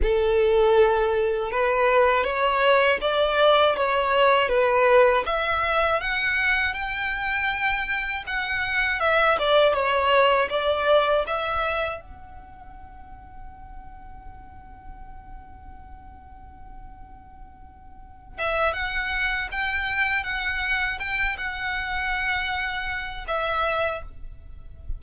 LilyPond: \new Staff \with { instrumentName = "violin" } { \time 4/4 \tempo 4 = 80 a'2 b'4 cis''4 | d''4 cis''4 b'4 e''4 | fis''4 g''2 fis''4 | e''8 d''8 cis''4 d''4 e''4 |
fis''1~ | fis''1~ | fis''8 e''8 fis''4 g''4 fis''4 | g''8 fis''2~ fis''8 e''4 | }